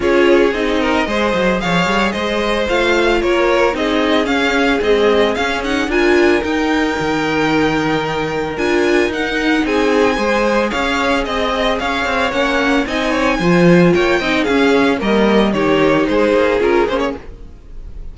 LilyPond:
<<
  \new Staff \with { instrumentName = "violin" } { \time 4/4 \tempo 4 = 112 cis''4 dis''2 f''4 | dis''4 f''4 cis''4 dis''4 | f''4 dis''4 f''8 fis''8 gis''4 | g''1 |
gis''4 fis''4 gis''2 | f''4 dis''4 f''4 fis''4 | gis''2 g''4 f''4 | dis''4 cis''4 c''4 ais'8 c''16 cis''16 | }
  \new Staff \with { instrumentName = "violin" } { \time 4/4 gis'4. ais'8 c''4 cis''4 | c''2 ais'4 gis'4~ | gis'2. ais'4~ | ais'1~ |
ais'2 gis'4 c''4 | cis''4 dis''4 cis''2 | dis''8 cis''8 c''4 cis''8 dis''8 gis'4 | ais'4 g'4 gis'2 | }
  \new Staff \with { instrumentName = "viola" } { \time 4/4 f'4 dis'4 gis'2~ | gis'4 f'2 dis'4 | cis'4 gis4 cis'8 dis'8 f'4 | dis'1 |
f'4 dis'2 gis'4~ | gis'2. cis'4 | dis'4 f'4. dis'8 cis'4 | ais4 dis'2 f'8 cis'8 | }
  \new Staff \with { instrumentName = "cello" } { \time 4/4 cis'4 c'4 gis8 fis8 f8 g8 | gis4 a4 ais4 c'4 | cis'4 c'4 cis'4 d'4 | dis'4 dis2. |
d'4 dis'4 c'4 gis4 | cis'4 c'4 cis'8 c'8 ais4 | c'4 f4 ais8 c'8 cis'4 | g4 dis4 gis8 ais8 cis'8 ais8 | }
>>